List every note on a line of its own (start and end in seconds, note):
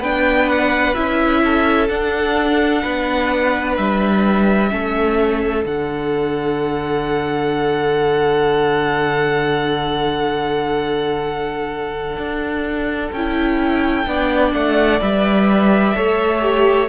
0.00 0.94 B3
0.00 0.96 D4
0.00 1.42 B4
0.00 0.50 G5
0.50 0.95 F#5
0.95 1.89 C#4
0.95 1.90 E4
0.95 1.88 E5
1.45 2.83 A4
1.89 2.83 D4
1.89 4.69 D4
1.89 3.77 F#5
2.83 3.78 B3
2.83 4.70 B4
3.77 4.71 G3
3.77 5.64 E5
4.69 5.65 A3
4.69 5.63 C#4
4.69 14.09 A4
5.63 12.17 D3
5.63 13.13 D4
5.63 13.13 F#5
12.17 13.11 D4
13.12 14.06 C#4
13.12 14.08 E4
13.12 14.54 G5
14.07 14.54 B3
14.07 15.00 D4
14.07 15.97 D5
14.54 15.01 A3
14.54 15.01 F#5
15.00 15.96 G3
15.00 15.94 B4
15.00 16.89 E5
15.95 16.89 A3
15.95 16.41 A4
15.95 16.89 C#5
16.41 16.88 G4